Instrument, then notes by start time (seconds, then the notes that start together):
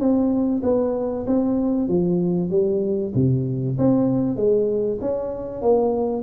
tuba
0.00 C4
0.64 B3
1.27 C4
1.88 F3
2.51 G3
3.15 C3
3.79 C4
4.37 G#3
5.01 C#4
5.62 A#3